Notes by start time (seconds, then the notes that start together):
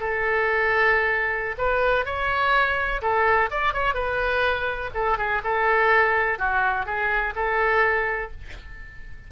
0.00 A4
1.58 B4
2.06 C#5
3.02 A4
3.51 D5
3.73 C#5
3.94 B4
4.94 A4
5.18 G#4
5.44 A4
6.39 F#4
6.86 G#4
7.35 A4